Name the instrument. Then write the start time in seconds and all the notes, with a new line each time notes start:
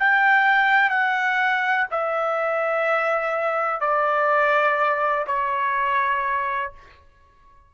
trumpet
0.00 G5
0.90 F#5
1.91 E5
3.80 D5
5.27 C#5